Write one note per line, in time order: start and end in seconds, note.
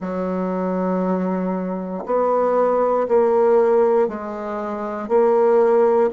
0.00 2.04 F#3
2.05 3.07 B3
3.07 4.07 A#3
4.07 5.08 G#3
5.08 6.10 A#3